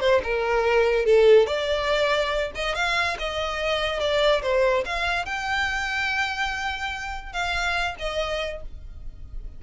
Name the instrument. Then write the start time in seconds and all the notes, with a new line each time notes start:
violin
0.00 C5
0.23 A#4
1.05 A4
1.46 D5
2.55 D#5
2.75 F5
3.18 D#5
3.99 D5
4.42 C5
4.85 F5
5.25 G5
7.32 F5
7.99 D#5